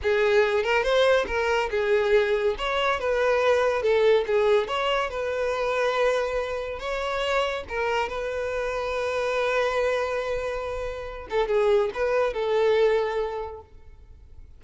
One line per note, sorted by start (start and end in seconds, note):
0.02 0.63 G#4
0.63 0.83 A#4
0.83 1.25 C5
1.27 1.69 A#4
1.70 2.55 G#4
2.58 2.99 C#5
2.99 3.82 B4
3.82 4.24 A4
4.26 4.67 G#4
4.67 5.09 C#5
5.09 6.79 B4
6.79 7.64 C#5
7.68 8.08 A#4
8.08 11.27 B4
11.30 11.47 A4
11.47 11.90 G#4
11.94 12.33 B4
12.33 13.61 A4